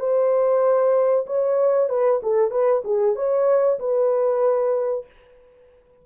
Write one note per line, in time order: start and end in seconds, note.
0.00 1.26 C5
1.27 1.90 C#5
1.90 2.21 B4
2.23 2.51 A4
2.51 2.83 B4
2.85 3.16 G#4
3.16 3.79 C#5
3.80 5.06 B4